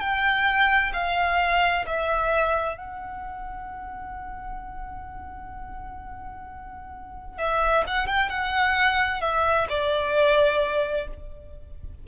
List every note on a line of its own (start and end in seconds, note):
0.00 0.92 G5
0.94 1.86 F5
1.87 2.78 E5
2.78 7.38 F#5
7.38 7.85 E5
7.88 8.07 F#5
8.07 8.30 G5
8.30 9.21 F#5
9.21 9.68 E5
9.69 11.08 D5